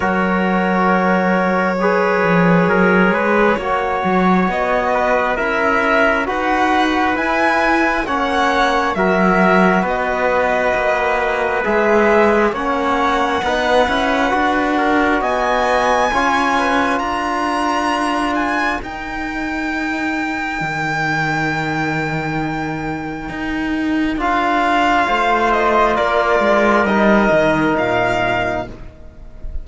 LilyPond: <<
  \new Staff \with { instrumentName = "violin" } { \time 4/4 \tempo 4 = 67 cis''1~ | cis''4 dis''4 e''4 fis''4 | gis''4 fis''4 e''4 dis''4~ | dis''4 e''4 fis''2~ |
fis''4 gis''2 ais''4~ | ais''8 gis''8 g''2.~ | g''2. f''4~ | f''8 dis''8 d''4 dis''4 f''4 | }
  \new Staff \with { instrumentName = "trumpet" } { \time 4/4 ais'2 b'4 ais'8 b'8 | cis''4. b'8 ais'4 b'4~ | b'4 cis''4 ais'4 b'4~ | b'2 cis''4 b'4~ |
b'8 ais'8 dis''4 cis''8 b'8 ais'4~ | ais'1~ | ais'1 | c''4 ais'2. | }
  \new Staff \with { instrumentName = "trombone" } { \time 4/4 fis'2 gis'2 | fis'2 e'4 fis'4 | e'4 cis'4 fis'2~ | fis'4 gis'4 cis'4 dis'8 e'8 |
fis'2 f'2~ | f'4 dis'2.~ | dis'2. f'4~ | f'2 dis'2 | }
  \new Staff \with { instrumentName = "cello" } { \time 4/4 fis2~ fis8 f8 fis8 gis8 | ais8 fis8 b4 cis'4 dis'4 | e'4 ais4 fis4 b4 | ais4 gis4 ais4 b8 cis'8 |
d'4 b4 cis'4 d'4~ | d'4 dis'2 dis4~ | dis2 dis'4 d'4 | a4 ais8 gis8 g8 dis8 ais,4 | }
>>